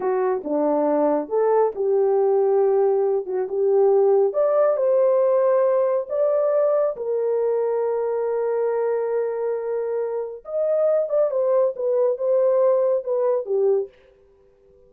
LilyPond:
\new Staff \with { instrumentName = "horn" } { \time 4/4 \tempo 4 = 138 fis'4 d'2 a'4 | g'2.~ g'8 fis'8 | g'2 d''4 c''4~ | c''2 d''2 |
ais'1~ | ais'1 | dis''4. d''8 c''4 b'4 | c''2 b'4 g'4 | }